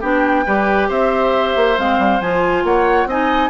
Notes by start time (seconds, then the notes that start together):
0.00 B3 D4 G4 G5
0.46 G3 G4 B4
0.88 C4 C5 E5
1.56 A#3
1.77 G#3 C4 F5
1.98 G3
2.20 F3 F4 G#5
2.63 A#3 C#5 F#5
3.05 C4 D#4 D#5 G#5